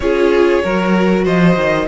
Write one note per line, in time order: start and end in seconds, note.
0.00 0.61 C#4
0.00 0.62 F4
0.00 0.63 G#4
0.00 1.23 C#5
0.62 1.26 F#3
0.62 1.87 F#4
0.62 1.24 A#4
1.24 1.56 F3
1.24 1.86 C5
1.24 1.88 D#5
1.56 1.87 D#3